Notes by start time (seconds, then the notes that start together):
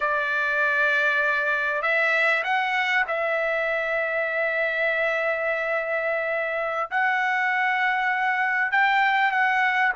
0.00 D5
1.82 E5
2.43 F#5
3.08 E5
6.90 F#5
8.71 G5
9.31 F#5